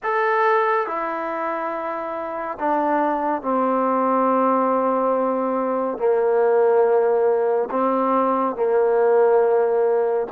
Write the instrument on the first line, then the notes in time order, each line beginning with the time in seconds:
trombone
0.03 A4
0.86 E4
2.59 D4
3.42 C4
5.98 A#3
7.70 C4
8.55 A#3